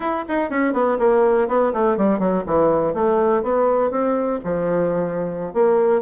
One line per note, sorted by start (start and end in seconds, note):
0.00 0.25 E4
0.28 0.49 D#4
0.49 0.73 C#4
0.73 0.97 B3
0.98 1.48 A#3
1.48 1.72 B3
1.73 1.97 A3
1.97 2.19 G3
2.19 2.43 F#3
2.46 2.94 E3
2.94 3.42 A3
3.42 3.90 B3
3.90 4.39 C4
4.44 5.53 F3
5.53 6.01 A#3